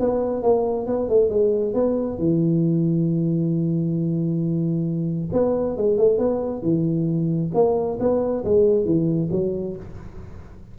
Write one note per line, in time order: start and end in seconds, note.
0.00 0.43 B3
0.43 0.87 A#3
0.87 1.09 B3
1.09 1.30 A3
1.30 1.74 G#3
1.74 2.19 B3
2.19 5.30 E3
5.33 5.77 B3
5.77 5.98 G#3
5.98 6.19 A3
6.19 6.62 B3
6.62 7.51 E3
7.55 7.99 A#3
8.00 8.45 B3
8.45 8.85 G#3
8.85 9.30 E3
9.32 9.77 F#3